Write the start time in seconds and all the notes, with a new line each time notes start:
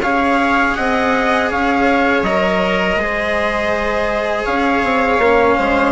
0.00 C#4 G#4 C#5 F5
0.75 C4 D#5 F#5
1.50 C#4 C#5 F5
2.22 F#3 A#4 D#5
2.95 G#3 G#4 C5
4.44 C#4 C#5 F5
4.83 C4
5.18 A#3 C#4
5.56 G#3 C5